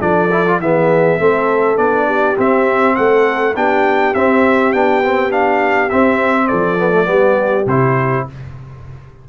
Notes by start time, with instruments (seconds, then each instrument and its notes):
0.00 tuba F3, trombone D4, horn A4, trumpet D5
0.31 trombone E4
0.46 trombone F4
0.59 tuba E3, trombone B3, horn G#4, trumpet E5
1.20 tuba A3, trombone C4, horn A4
1.77 tuba B3, trombone D4, trumpet D5
2.06 horn G4
2.37 trombone C4, tuba C4, trumpet E5
2.96 tuba A3, horn A4, trumpet F#5
3.56 tuba B3, trombone D4, horn G4, trumpet G5
4.15 tuba C4, trombone C4, trumpet E5
4.73 tuba B3, trombone D4, trumpet G5
5.04 trombone C4
5.31 trombone D4, trumpet F5
5.90 trombone C4, tuba C4, trumpet E5
6.48 tuba F3, horn A4, trumpet D5
6.78 trombone B3
6.91 trombone A3
7.05 tuba G3, trombone B3, horn G4
7.67 tuba C3, trombone E4, trumpet C5